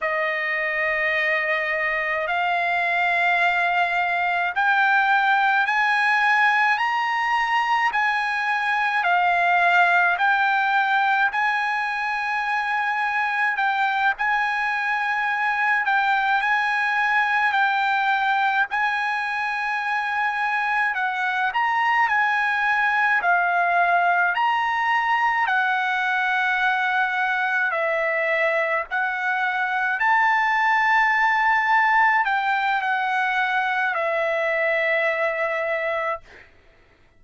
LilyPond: \new Staff \with { instrumentName = "trumpet" } { \time 4/4 \tempo 4 = 53 dis''2 f''2 | g''4 gis''4 ais''4 gis''4 | f''4 g''4 gis''2 | g''8 gis''4. g''8 gis''4 g''8~ |
g''8 gis''2 fis''8 ais''8 gis''8~ | gis''8 f''4 ais''4 fis''4.~ | fis''8 e''4 fis''4 a''4.~ | a''8 g''8 fis''4 e''2 | }